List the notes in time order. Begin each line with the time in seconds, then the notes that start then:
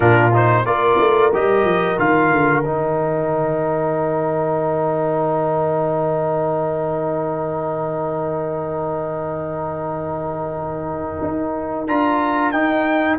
0.00 A#2 D4 F4 A#4
0.33 D#4 C5
0.65 A#3 F4 A#4 D5
0.99 A3
1.32 G3 G4 D#5
1.64 F3
1.97 D#3 F4 F5
2.31 D3
2.64 D#3 D#4 G5
11.22 D#4
11.87 D4 F4 A#5
12.51 D#4 G5